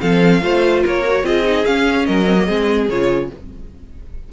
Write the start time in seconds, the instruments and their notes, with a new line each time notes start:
0.00 cello F3, viola C4, violin A4 F5
0.40 cello A3, viola F4, violin C5
0.83 cello A#3, violin A#4 C#5
1.06 viola F#4
1.23 cello C4, viola F4, violin G#4 D#5
1.43 viola D#4
1.65 viola C#4, cello C#4, violin F5
2.05 cello F#3, violin A#4 D#5
2.25 viola C4
2.38 viola A#3
2.46 cello G#3, viola C4, violin G#4
2.89 cello C#3, viola F4, violin C#5